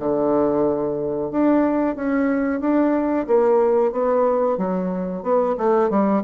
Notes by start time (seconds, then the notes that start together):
0.00 D3
1.32 D4
1.96 C#4
2.61 D4
3.28 A#3
3.93 B3
4.58 F#3
5.23 B3
5.58 A3
5.91 G3